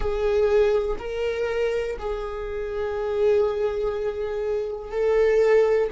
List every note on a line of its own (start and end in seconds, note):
0.00 0.96 G#4
0.98 1.97 A#4
1.99 4.91 G#4
4.91 5.90 A4